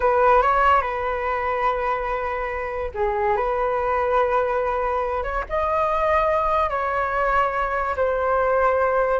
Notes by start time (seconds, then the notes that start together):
0.00 B4
0.41 C#5
0.81 B4
2.94 G#4
3.36 B4
5.23 C#5
5.49 D#5
6.69 C#5
7.96 C5